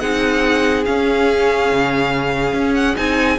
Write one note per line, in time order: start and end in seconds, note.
0.00 0.87 C4
0.00 0.86 D#4
0.00 3.39 G#4
0.00 0.85 F#5
0.86 2.96 C#4
0.86 1.72 C#4
0.86 2.75 F5
1.72 2.54 C#3
2.54 2.96 C#4
2.75 2.96 F#5
2.96 3.39 C4
2.96 3.38 D#4
2.96 3.39 G#5